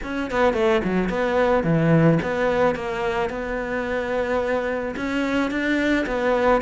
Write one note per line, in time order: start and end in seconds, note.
0.03 0.30 C#4
0.30 0.53 B3
0.53 0.81 A3
0.84 1.09 F#3
1.09 1.63 B3
1.63 2.18 E3
2.22 2.75 B3
2.75 3.29 A#3
3.29 4.94 B3
4.96 5.50 C#4
5.50 6.05 D4
6.06 6.61 B3